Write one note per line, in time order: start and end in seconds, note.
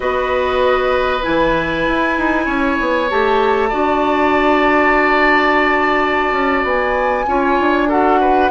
0.00 1.24 B3
0.00 1.20 F#4
0.00 2.45 B4
0.00 1.23 D#5
1.22 1.87 E3
1.22 3.08 E4
1.22 3.08 G#5
1.87 2.18 E4
2.18 2.46 D#4
2.45 2.77 C#4
2.45 3.69 C#5
2.80 3.11 B3
3.09 3.72 A3
3.09 3.70 G4
3.09 6.65 A5
3.69 6.31 D4
3.69 7.26 F#4
3.69 7.24 D5
6.31 6.62 C#4
6.63 7.25 B3
6.63 7.89 G#5
7.27 7.58 C#4
7.27 7.88 F4
7.27 7.88 C#5
7.59 8.50 D4
7.88 8.50 F#4
7.88 8.19 A4
7.88 8.50 F#5
8.20 8.50 B4